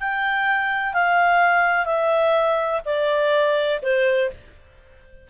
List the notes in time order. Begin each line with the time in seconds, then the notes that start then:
0.00 G5
0.94 F5
1.85 E5
2.85 D5
3.82 C5